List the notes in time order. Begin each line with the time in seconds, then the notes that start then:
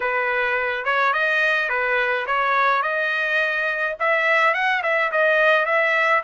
0.00 B4
0.85 C#5
1.13 D#5
1.69 B4
2.26 C#5
2.82 D#5
3.99 E5
4.53 F#5
4.82 E5
5.11 D#5
5.65 E5